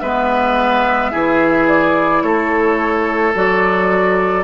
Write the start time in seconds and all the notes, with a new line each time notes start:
0.00 G#3 B3 B4 E5
1.11 E3 E4 G#4
1.67 D5
2.22 A3 A4 C#5
3.34 F#3 F#4 D5